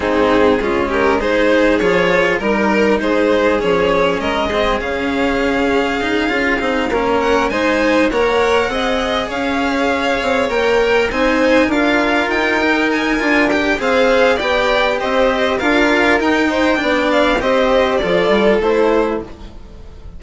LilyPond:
<<
  \new Staff \with { instrumentName = "violin" } { \time 4/4 \tempo 4 = 100 gis'4. ais'8 c''4 cis''4 | ais'4 c''4 cis''4 dis''4 | f''1 | fis''8 gis''4 fis''2 f''8~ |
f''4. g''4 gis''4 f''8~ | f''8 g''4 gis''4 g''8 f''4 | g''4 dis''4 f''4 g''4~ | g''8 f''8 dis''4 d''4 c''4 | }
  \new Staff \with { instrumentName = "violin" } { \time 4/4 dis'4 f'8 g'8 gis'2 | ais'4 gis'2 ais'8 gis'8~ | gis'2.~ gis'8 ais'8~ | ais'8 c''4 cis''4 dis''4 cis''8~ |
cis''2~ cis''8 c''4 ais'8~ | ais'2. c''4 | d''4 c''4 ais'4. c''8 | d''4 c''4 a'2 | }
  \new Staff \with { instrumentName = "cello" } { \time 4/4 c'4 cis'4 dis'4 f'4 | dis'2 cis'4. c'8 | cis'2 dis'8 f'8 dis'8 cis'8~ | cis'8 dis'4 ais'4 gis'4.~ |
gis'4. ais'4 dis'4 f'8~ | f'4 dis'4 f'8 g'8 gis'4 | g'2 f'4 dis'4 | d'4 g'4 f'4 e'4 | }
  \new Staff \with { instrumentName = "bassoon" } { \time 4/4 gis,4 gis2 f4 | g4 gis4 f4 gis4 | cis2~ cis8 cis'8 c'8 ais8~ | ais8 gis4 ais4 c'4 cis'8~ |
cis'4 c'8 ais4 c'4 d'8~ | d'8 dis'4. d'4 c'4 | b4 c'4 d'4 dis'4 | b4 c'4 f8 g8 a4 | }
>>